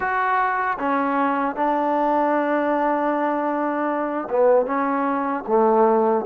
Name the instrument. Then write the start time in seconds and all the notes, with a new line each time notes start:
trombone
0.00 F#4
0.79 C#4
1.55 D4
4.30 B3
4.65 C#4
5.47 A3